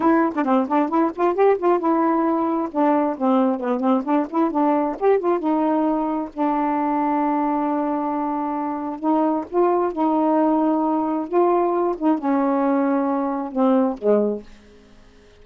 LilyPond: \new Staff \with { instrumentName = "saxophone" } { \time 4/4 \tempo 4 = 133 e'8. d'16 c'8 d'8 e'8 f'8 g'8 f'8 | e'2 d'4 c'4 | b8 c'8 d'8 e'8 d'4 g'8 f'8 | dis'2 d'2~ |
d'1 | dis'4 f'4 dis'2~ | dis'4 f'4. dis'8 cis'4~ | cis'2 c'4 gis4 | }